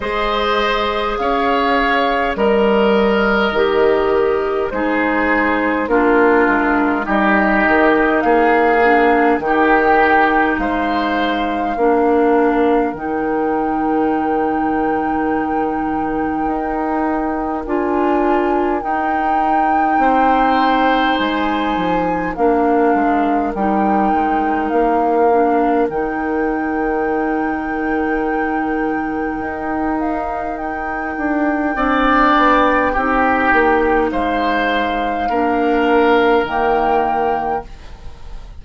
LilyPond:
<<
  \new Staff \with { instrumentName = "flute" } { \time 4/4 \tempo 4 = 51 dis''4 f''4 dis''2 | c''4 ais'4 dis''4 f''4 | g''4 f''2 g''4~ | g''2. gis''4 |
g''2 gis''4 f''4 | g''4 f''4 g''2~ | g''4. f''8 g''2~ | g''4 f''2 g''4 | }
  \new Staff \with { instrumentName = "oboe" } { \time 4/4 c''4 cis''4 ais'2 | gis'4 f'4 g'4 gis'4 | g'4 c''4 ais'2~ | ais'1~ |
ais'4 c''2 ais'4~ | ais'1~ | ais'2. d''4 | g'4 c''4 ais'2 | }
  \new Staff \with { instrumentName = "clarinet" } { \time 4/4 gis'2 ais'4 g'4 | dis'4 d'4 dis'4. d'8 | dis'2 d'4 dis'4~ | dis'2. f'4 |
dis'2. d'4 | dis'4. d'8 dis'2~ | dis'2. d'4 | dis'2 d'4 ais4 | }
  \new Staff \with { instrumentName = "bassoon" } { \time 4/4 gis4 cis'4 g4 dis4 | gis4 ais8 gis8 g8 dis8 ais4 | dis4 gis4 ais4 dis4~ | dis2 dis'4 d'4 |
dis'4 c'4 gis8 f8 ais8 gis8 | g8 gis8 ais4 dis2~ | dis4 dis'4. d'8 c'8 b8 | c'8 ais8 gis4 ais4 dis4 | }
>>